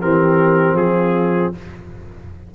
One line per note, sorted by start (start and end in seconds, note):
0.00 0.73 E3
0.00 1.55 C4
0.00 0.77 G4
0.00 0.76 A#4
0.73 1.50 F3
0.73 1.55 F4
0.73 1.53 G#4